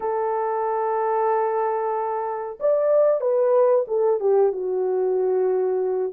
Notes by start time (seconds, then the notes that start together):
0.00 A4
2.60 D5
3.20 B4
3.87 A4
4.20 G4
4.52 F#4